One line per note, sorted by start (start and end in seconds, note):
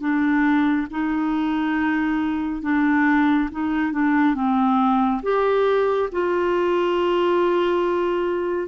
0.00 0.87 D4
0.91 2.62 D#4
2.62 3.49 D4
3.51 3.92 D#4
3.92 4.34 D4
4.34 5.21 C4
5.22 6.09 G4
6.12 8.68 F4